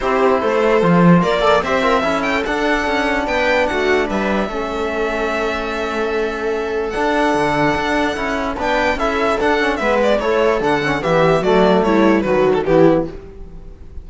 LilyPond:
<<
  \new Staff \with { instrumentName = "violin" } { \time 4/4 \tempo 4 = 147 c''2. d''4 | e''4. g''8 fis''2 | g''4 fis''4 e''2~ | e''1~ |
e''4 fis''2.~ | fis''4 g''4 e''4 fis''4 | e''8 d''8 cis''4 fis''4 e''4 | d''4 cis''4 b'8. a'16 g'4 | }
  \new Staff \with { instrumentName = "viola" } { \time 4/4 g'4 a'2 ais'8 d''8 | c''8 ais'8 a'2. | b'4 fis'4 b'4 a'4~ | a'1~ |
a'1~ | a'4 b'4 a'2 | b'4 a'2 g'4 | fis'4 e'4 fis'4 e'4 | }
  \new Staff \with { instrumentName = "trombone" } { \time 4/4 e'2 f'4. a'8 | g'8 f'8 e'4 d'2~ | d'2. cis'4~ | cis'1~ |
cis'4 d'2. | e'4 d'4 e'4 d'8 cis'8 | b4 e'4 d'8 cis'8 b4 | a2 fis4 b4 | }
  \new Staff \with { instrumentName = "cello" } { \time 4/4 c'4 a4 f4 ais4 | c'4 cis'4 d'4 cis'4 | b4 a4 g4 a4~ | a1~ |
a4 d'4 d4 d'4 | cis'4 b4 cis'4 d'4 | gis4 a4 d4 e4 | fis4 g4 dis4 e4 | }
>>